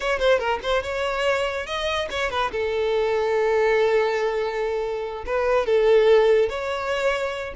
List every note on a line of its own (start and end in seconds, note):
0.00 0.19 C#5
0.19 0.38 C5
0.38 0.59 A#4
0.62 0.82 C5
0.82 1.66 C#5
1.66 2.08 D#5
2.10 2.30 C#5
2.30 2.51 B4
2.51 5.24 A4
5.26 5.66 B4
5.66 6.49 A4
6.49 7.54 C#5